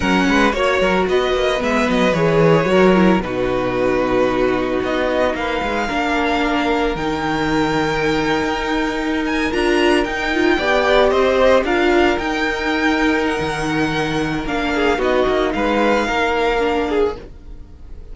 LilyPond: <<
  \new Staff \with { instrumentName = "violin" } { \time 4/4 \tempo 4 = 112 fis''4 cis''4 dis''4 e''8 dis''8 | cis''2 b'2~ | b'4 dis''4 f''2~ | f''4 g''2.~ |
g''4~ g''16 gis''8 ais''4 g''4~ g''16~ | g''8. dis''4 f''4 g''4~ g''16~ | g''8. fis''2~ fis''16 f''4 | dis''4 f''2. | }
  \new Staff \with { instrumentName = "violin" } { \time 4/4 ais'8 b'8 cis''8 ais'8 b'2~ | b'4 ais'4 fis'2~ | fis'2 b'4 ais'4~ | ais'1~ |
ais'2.~ ais'8. d''16~ | d''8. c''4 ais'2~ ais'16~ | ais'2.~ ais'8 gis'8 | fis'4 b'4 ais'4. gis'8 | }
  \new Staff \with { instrumentName = "viola" } { \time 4/4 cis'4 fis'2 b4 | gis'4 fis'8 e'8 dis'2~ | dis'2. d'4~ | d'4 dis'2.~ |
dis'4.~ dis'16 f'4 dis'8 f'8 g'16~ | g'4.~ g'16 f'4 dis'4~ dis'16~ | dis'2. d'4 | dis'2. d'4 | }
  \new Staff \with { instrumentName = "cello" } { \time 4/4 fis8 gis8 ais8 fis8 b8 ais8 gis8 fis8 | e4 fis4 b,2~ | b,4 b4 ais8 gis8 ais4~ | ais4 dis2~ dis8. dis'16~ |
dis'4.~ dis'16 d'4 dis'4 b16~ | b8. c'4 d'4 dis'4~ dis'16~ | dis'4 dis2 ais4 | b8 ais8 gis4 ais2 | }
>>